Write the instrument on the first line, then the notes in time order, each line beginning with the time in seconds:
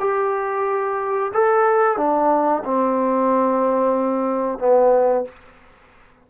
trombone
0.00 G4
1.33 A4
1.97 D4
2.65 C4
4.59 B3